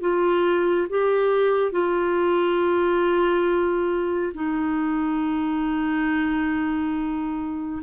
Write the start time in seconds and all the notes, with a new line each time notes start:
0.00 F4
0.89 G4
1.72 F4
4.34 D#4